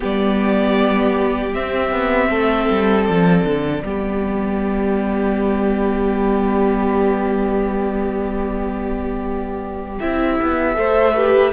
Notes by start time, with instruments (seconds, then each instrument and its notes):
0.00 cello G3, viola B3, violin G4 D5
1.53 viola C4, cello C4, violin E5
1.91 cello B3
2.30 cello A3, violin A4
2.70 cello G3
3.05 cello F3, violin D5
3.44 cello D3
3.84 cello G3, viola B3, violin G4
10.00 cello C4, viola E4, violin E5
10.42 cello B3
10.74 cello A3, viola A4, violin C5
11.15 viola G4, violin B4